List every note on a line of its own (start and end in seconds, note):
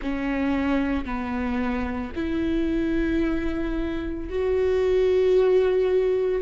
0.01 1.05 C#4
1.05 2.12 B3
2.15 4.29 E4
4.29 6.41 F#4